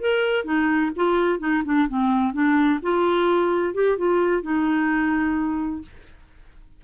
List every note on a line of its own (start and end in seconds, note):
0.00 0.44 A#4
0.44 0.91 D#4
0.96 1.39 F4
1.39 1.63 D#4
1.65 1.88 D4
1.88 2.33 C4
2.33 2.79 D4
2.82 3.74 F4
3.74 3.97 G4
3.97 4.42 F4
4.42 5.82 D#4